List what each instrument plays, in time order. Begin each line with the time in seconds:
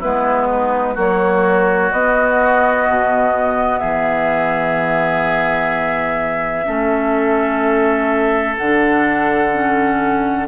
0.00 bassoon G#3, clarinet B3, oboe E4, flute B4
0.51 oboe D#4
0.95 clarinet F#3, bassoon A#3, oboe F#4, flute C#5
1.92 bassoon B3, clarinet B3, flute D#5
2.89 bassoon B2
3.79 bassoon E3, oboe G#4, flute E5
6.66 bassoon A3, clarinet C#4, oboe A4
8.58 bassoon D3, clarinet D4, flute F#5
9.54 clarinet C#4